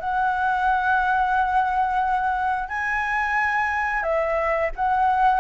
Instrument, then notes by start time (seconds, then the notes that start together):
flute
0.00 F#5
2.69 G#5
4.03 E5
4.76 F#5